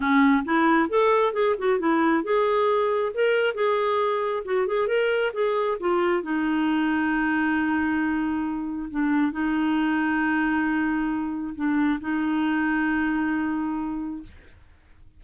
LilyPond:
\new Staff \with { instrumentName = "clarinet" } { \time 4/4 \tempo 4 = 135 cis'4 e'4 a'4 gis'8 fis'8 | e'4 gis'2 ais'4 | gis'2 fis'8 gis'8 ais'4 | gis'4 f'4 dis'2~ |
dis'1 | d'4 dis'2.~ | dis'2 d'4 dis'4~ | dis'1 | }